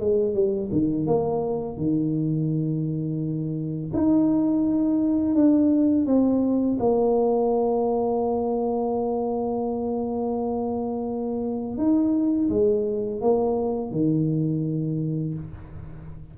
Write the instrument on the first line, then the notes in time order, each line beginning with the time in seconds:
tuba
0.00 G#3
0.34 G3
0.72 D#3
1.07 A#3
1.77 D#3
3.94 D#4
5.35 D4
6.06 C4
6.80 A#3
11.78 D#4
12.50 G#3
13.21 A#3
13.92 D#3